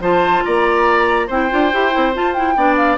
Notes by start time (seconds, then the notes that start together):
0.00 F3 F4 C5 A5
0.45 A#3 D5 A#5
1.27 C4 E4 C5 G5
1.50 D4 F4
1.72 E4 G4
1.91 C4 E4
2.14 F4 A5
2.34 E4 G5
2.56 B3 D4 D5
2.77 F5